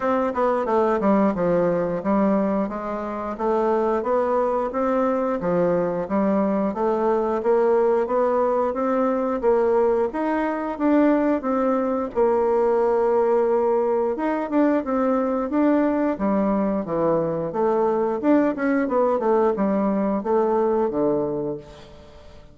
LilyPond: \new Staff \with { instrumentName = "bassoon" } { \time 4/4 \tempo 4 = 89 c'8 b8 a8 g8 f4 g4 | gis4 a4 b4 c'4 | f4 g4 a4 ais4 | b4 c'4 ais4 dis'4 |
d'4 c'4 ais2~ | ais4 dis'8 d'8 c'4 d'4 | g4 e4 a4 d'8 cis'8 | b8 a8 g4 a4 d4 | }